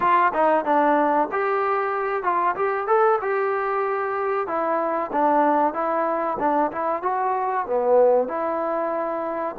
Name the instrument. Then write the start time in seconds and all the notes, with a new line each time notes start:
trombone
0.00 F4
0.33 D#4
0.64 D4
1.31 G4
2.23 F4
2.55 G4
2.87 A4
3.21 G4
4.47 E4
5.12 D4
5.73 E4
6.39 D4
6.71 E4
7.02 F#4
7.66 B3
8.28 E4